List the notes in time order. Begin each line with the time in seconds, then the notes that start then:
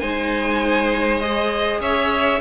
0.00 G#3 D#4 C5 G#5
1.20 G#4 D#5
1.80 C#4 C#5 E5